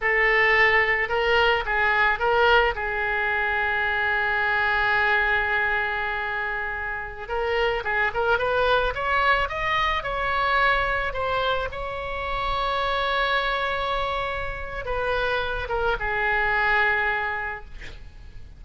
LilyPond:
\new Staff \with { instrumentName = "oboe" } { \time 4/4 \tempo 4 = 109 a'2 ais'4 gis'4 | ais'4 gis'2.~ | gis'1~ | gis'4~ gis'16 ais'4 gis'8 ais'8 b'8.~ |
b'16 cis''4 dis''4 cis''4.~ cis''16~ | cis''16 c''4 cis''2~ cis''8.~ | cis''2. b'4~ | b'8 ais'8 gis'2. | }